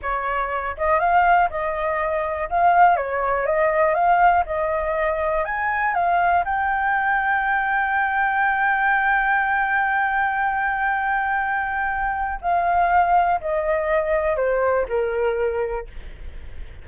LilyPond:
\new Staff \with { instrumentName = "flute" } { \time 4/4 \tempo 4 = 121 cis''4. dis''8 f''4 dis''4~ | dis''4 f''4 cis''4 dis''4 | f''4 dis''2 gis''4 | f''4 g''2.~ |
g''1~ | g''1~ | g''4 f''2 dis''4~ | dis''4 c''4 ais'2 | }